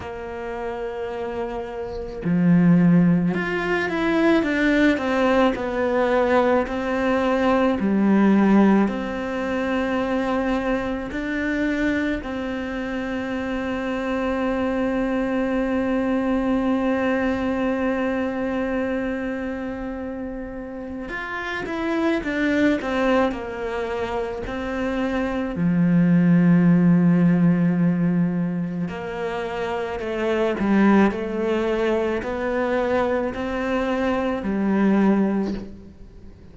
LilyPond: \new Staff \with { instrumentName = "cello" } { \time 4/4 \tempo 4 = 54 ais2 f4 f'8 e'8 | d'8 c'8 b4 c'4 g4 | c'2 d'4 c'4~ | c'1~ |
c'2. f'8 e'8 | d'8 c'8 ais4 c'4 f4~ | f2 ais4 a8 g8 | a4 b4 c'4 g4 | }